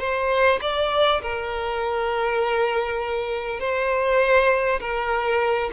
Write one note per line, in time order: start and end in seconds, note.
0.00 0.60 C5
0.62 1.22 D5
1.22 3.60 A#4
3.60 4.80 C5
4.81 5.71 A#4